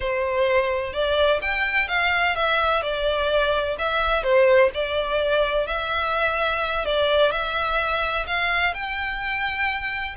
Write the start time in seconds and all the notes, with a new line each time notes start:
0.00 C5
0.93 D5
1.41 G5
1.88 F5
2.35 E5
2.82 D5
3.78 E5
4.23 C5
4.74 D5
5.66 E5
6.85 D5
7.31 E5
8.26 F5
8.74 G5